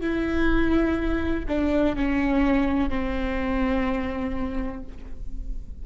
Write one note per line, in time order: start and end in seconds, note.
0.00 1.45 E4
1.48 1.96 D4
1.96 2.89 C#4
2.89 4.83 C4